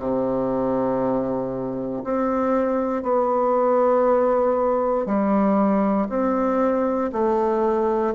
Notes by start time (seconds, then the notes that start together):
0.00 C3
2.04 C4
3.03 B3
5.06 G3
6.10 C4
7.13 A3